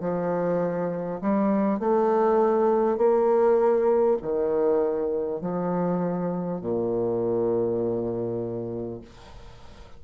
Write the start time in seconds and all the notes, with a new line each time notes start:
0.00 F3
1.21 G3
1.79 A3
2.97 A#3
4.21 D#3
5.41 F3
6.61 A#2